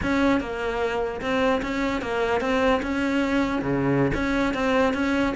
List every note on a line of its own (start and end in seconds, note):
0.03 0.40 C#4
0.40 1.21 A#3
1.21 1.61 C4
1.61 2.01 C#4
2.01 2.40 A#3
2.40 2.81 C4
2.82 3.61 C#4
3.61 4.11 C#3
4.13 4.53 C#4
4.53 4.93 C4
4.93 5.33 C#4